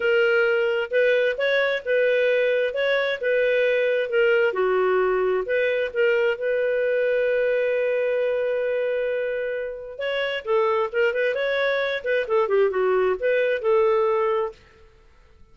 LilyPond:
\new Staff \with { instrumentName = "clarinet" } { \time 4/4 \tempo 4 = 132 ais'2 b'4 cis''4 | b'2 cis''4 b'4~ | b'4 ais'4 fis'2 | b'4 ais'4 b'2~ |
b'1~ | b'2 cis''4 a'4 | ais'8 b'8 cis''4. b'8 a'8 g'8 | fis'4 b'4 a'2 | }